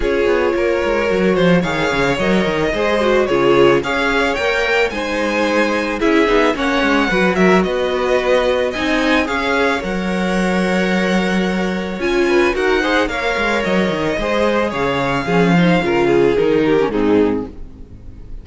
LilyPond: <<
  \new Staff \with { instrumentName = "violin" } { \time 4/4 \tempo 4 = 110 cis''2. f''4 | dis''2 cis''4 f''4 | g''4 gis''2 e''4 | fis''4. e''8 dis''2 |
gis''4 f''4 fis''2~ | fis''2 gis''4 fis''4 | f''4 dis''2 f''4~ | f''2 ais'4 gis'4 | }
  \new Staff \with { instrumentName = "violin" } { \time 4/4 gis'4 ais'4. c''8 cis''4~ | cis''4 c''4 gis'4 cis''4~ | cis''4 c''2 gis'4 | cis''4 b'8 ais'8 b'2 |
dis''4 cis''2.~ | cis''2~ cis''8 b'8 ais'8 c''8 | cis''2 c''4 cis''4 | gis'8 c''8 ais'8 gis'4 g'8 dis'4 | }
  \new Staff \with { instrumentName = "viola" } { \time 4/4 f'2 fis'4 gis'4 | ais'4 gis'8 fis'8 f'4 gis'4 | ais'4 dis'2 e'8 dis'8 | cis'4 fis'2. |
dis'4 gis'4 ais'2~ | ais'2 f'4 fis'8 gis'8 | ais'2 gis'2 | cis'8 dis'8 f'4 dis'8. cis'16 c'4 | }
  \new Staff \with { instrumentName = "cello" } { \time 4/4 cis'8 b8 ais8 gis8 fis8 f8 dis8 cis8 | fis8 dis8 gis4 cis4 cis'4 | ais4 gis2 cis'8 b8 | ais8 gis8 fis4 b2 |
c'4 cis'4 fis2~ | fis2 cis'4 dis'4 | ais8 gis8 fis8 dis8 gis4 cis4 | f4 cis4 dis4 gis,4 | }
>>